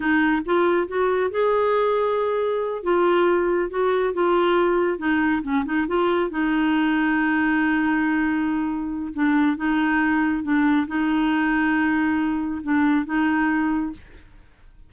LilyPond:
\new Staff \with { instrumentName = "clarinet" } { \time 4/4 \tempo 4 = 138 dis'4 f'4 fis'4 gis'4~ | gis'2~ gis'8 f'4.~ | f'8 fis'4 f'2 dis'8~ | dis'8 cis'8 dis'8 f'4 dis'4.~ |
dis'1~ | dis'4 d'4 dis'2 | d'4 dis'2.~ | dis'4 d'4 dis'2 | }